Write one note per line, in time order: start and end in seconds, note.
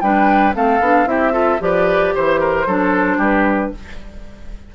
0.00 0.54 G3
0.00 0.54 D4
0.00 0.55 B4
0.00 0.53 G5
0.54 0.80 A3
0.54 0.80 C4
0.54 1.08 A4
0.54 1.08 F5
0.80 1.05 B3
0.80 1.06 D4
1.05 1.58 C4
1.05 1.32 E4
1.05 1.32 G4
1.05 1.61 E5
1.32 1.58 F4
1.32 1.59 A4
1.59 2.13 F3
1.59 2.66 G4
1.59 2.14 B4
1.59 2.15 D5
2.14 2.66 E3
2.14 2.40 C5
2.14 3.21 C5
2.40 2.66 A#4
2.66 3.17 F#3
2.66 3.74 D4
2.66 3.17 A4
3.17 3.70 G3
3.17 3.70 G4
3.17 3.74 B4